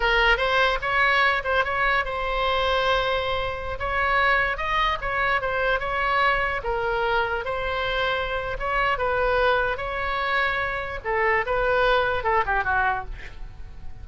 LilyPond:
\new Staff \with { instrumentName = "oboe" } { \time 4/4 \tempo 4 = 147 ais'4 c''4 cis''4. c''8 | cis''4 c''2.~ | c''4~ c''16 cis''2 dis''8.~ | dis''16 cis''4 c''4 cis''4.~ cis''16~ |
cis''16 ais'2 c''4.~ c''16~ | c''4 cis''4 b'2 | cis''2. a'4 | b'2 a'8 g'8 fis'4 | }